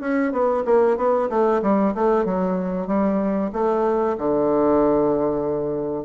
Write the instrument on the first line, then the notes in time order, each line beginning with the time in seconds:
bassoon
0.00 C#4
0.32 B3
0.65 A#3
0.97 B3
1.29 A3
1.62 G3
1.94 A3
2.25 F#3
2.87 G3
3.53 A3
4.18 D3